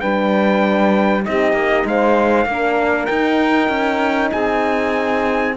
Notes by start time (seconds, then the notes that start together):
0.00 G3 D4 B4 G5
1.24 C4 D#4 G4 D#5
1.53 A#3
1.85 G#3 C5 F5
2.46 A#3 D4 A#4
3.06 D#4 G5
3.69 C#4
4.32 C4 G#4 G#5